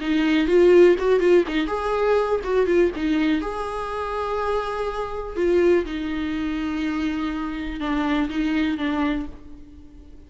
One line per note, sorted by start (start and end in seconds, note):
0.00 0.47 D#4
0.47 0.96 F4
0.98 1.19 F#4
1.19 1.44 F4
1.47 1.67 D#4
1.67 2.40 G#4
2.43 2.66 F#4
2.66 2.91 F4
2.95 3.41 D#4
3.41 5.36 G#4
5.36 5.84 F4
5.85 7.80 D#4
7.80 8.28 D4
8.29 8.77 D#4
8.77 9.26 D4